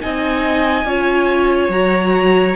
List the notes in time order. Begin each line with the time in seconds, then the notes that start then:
0.00 C4 D#4 D#5 G#5
0.84 C#4 F4 C#5
1.69 F#3 F#4 A#5